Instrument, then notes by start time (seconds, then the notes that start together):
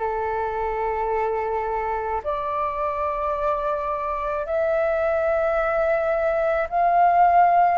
flute
0.00 A4
2.24 D5
4.46 E5
6.70 F5